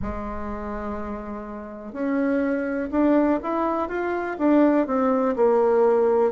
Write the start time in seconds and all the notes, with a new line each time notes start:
0.01 G#3
1.92 C#4
2.91 D4
3.42 E4
3.88 F4
4.38 D4
4.87 C4
5.36 A#3